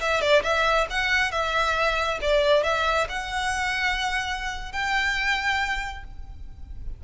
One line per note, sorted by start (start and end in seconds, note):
0.00 0.21 E5
0.21 0.42 D5
0.43 0.87 E5
0.90 1.31 F#5
1.31 2.19 E5
2.21 2.63 D5
2.63 3.07 E5
3.09 4.72 F#5
4.72 6.04 G5